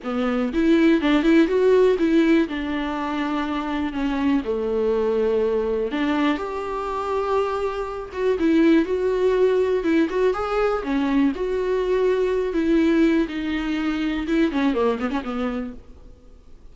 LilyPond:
\new Staff \with { instrumentName = "viola" } { \time 4/4 \tempo 4 = 122 b4 e'4 d'8 e'8 fis'4 | e'4 d'2. | cis'4 a2. | d'4 g'2.~ |
g'8 fis'8 e'4 fis'2 | e'8 fis'8 gis'4 cis'4 fis'4~ | fis'4. e'4. dis'4~ | dis'4 e'8 cis'8 ais8 b16 cis'16 b4 | }